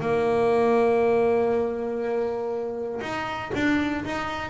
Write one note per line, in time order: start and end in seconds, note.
0.00 3.00 A#3
3.01 3.51 D#4
3.54 4.04 D4
4.04 4.50 D#4